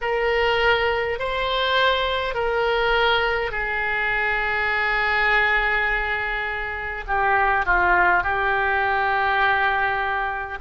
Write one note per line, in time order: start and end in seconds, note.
0.01 1.19 A#4
1.19 2.34 C5
2.34 3.51 A#4
3.51 7.04 G#4
7.06 7.65 G4
7.65 8.23 F4
8.23 10.58 G4